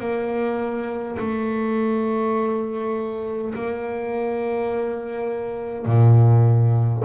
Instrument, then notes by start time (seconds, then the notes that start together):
double bass
0.00 A#3
1.19 A3
3.55 A#3
5.86 A#2